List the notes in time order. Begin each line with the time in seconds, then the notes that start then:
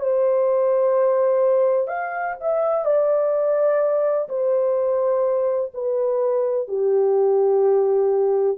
0.00 C5
1.88 F5
2.41 E5
2.86 D5
4.29 C5
5.74 B4
6.68 G4